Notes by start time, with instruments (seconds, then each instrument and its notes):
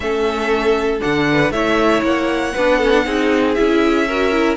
0.00 cello A3, viola C#4, violin A4 E5
0.99 cello D3, viola D4, violin F#5
1.31 violin B4
1.50 cello A3, viola E4, violin C#5 E5
2.01 cello A#3, violin F#5
2.54 cello B3, viola D4, violin B4
2.78 viola C#4, violin A4
2.92 viola D4
3.05 cello C4, viola D#4, violin G#4
3.53 cello C#4, viola E4, violin E5
4.07 viola F#4, violin A#4
4.32 viola E4